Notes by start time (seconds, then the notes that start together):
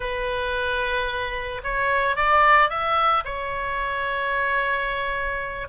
0.00 B4
1.63 C#5
2.16 D5
2.69 E5
3.24 C#5